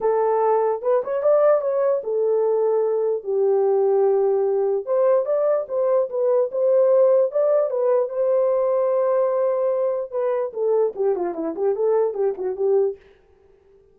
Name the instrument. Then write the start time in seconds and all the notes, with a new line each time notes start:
horn
0.00 A4
0.82 B4
1.04 C#5
1.23 D5
1.61 C#5
2.03 A4
3.23 G4
4.85 C5
5.25 D5
5.68 C5
6.09 B4
6.51 C5
7.31 D5
7.70 B4
8.09 C5
10.11 B4
10.53 A4
10.95 G4
11.15 F4
11.34 E4
11.55 G4
11.75 A4
12.14 G4
12.37 F#4
12.55 G4